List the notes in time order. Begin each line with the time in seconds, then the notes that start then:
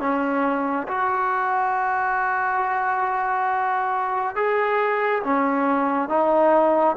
0.00 C#4
0.88 F#4
4.36 G#4
5.23 C#4
6.09 D#4